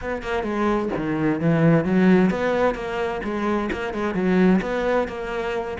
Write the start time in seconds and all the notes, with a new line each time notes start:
0.01 B3
0.22 A#3
0.43 G#3
0.96 D#3
1.40 E3
1.84 F#3
2.30 B3
2.74 A#3
3.23 G#3
3.72 A#3
3.93 G#3
4.14 F#3
4.61 B3
5.08 A#3